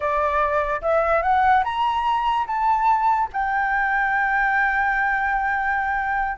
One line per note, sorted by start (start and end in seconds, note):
0.00 0.81 D5
0.81 1.22 E5
1.22 1.63 F#5
1.63 2.46 A#5
2.46 3.29 A5
3.32 6.37 G5